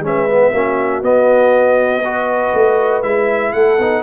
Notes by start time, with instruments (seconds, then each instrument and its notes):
0.00 tuba G#3, trombone C#4, horn B4, trumpet E5
0.29 trombone B3
0.52 tuba A#3, trombone C#4, horn F#4
1.01 tuba B3, trombone B3, trumpet D#5
2.04 trombone F#4, horn B4
2.54 tuba A3
3.02 tuba G#3, trombone E4, trumpet E5
3.52 tuba A3, horn A4, trumpet F#5
3.78 tuba B3, trombone D#4